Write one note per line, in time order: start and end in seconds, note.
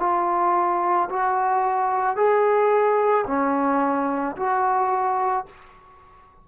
0.00 1.09 F4
1.10 2.16 F#4
2.16 3.25 G#4
3.27 4.36 C#4
4.36 5.45 F#4